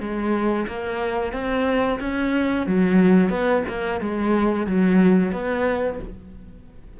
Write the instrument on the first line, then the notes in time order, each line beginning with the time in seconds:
cello
0.00 G#3
0.67 A#3
1.32 C4
2.00 C#4
2.67 F#3
3.30 B3
3.68 A#3
4.00 G#3
4.66 F#3
5.32 B3